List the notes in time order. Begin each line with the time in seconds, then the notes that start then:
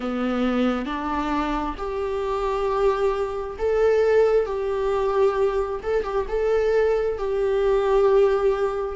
0.00 B3
0.85 D4
1.77 G4
3.58 A4
4.45 G4
5.82 A4
6.03 G4
6.28 A4
7.18 G4